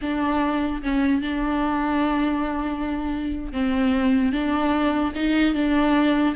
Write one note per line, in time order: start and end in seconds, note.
0.01 0.82 D4
0.82 1.21 C#4
1.21 3.52 D4
3.52 4.32 C4
4.32 5.13 D4
5.15 5.54 D#4
5.54 6.34 D4